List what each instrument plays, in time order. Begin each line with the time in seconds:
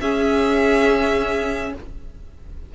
0.00 cello C#4, viola C#4, violin G#4 E5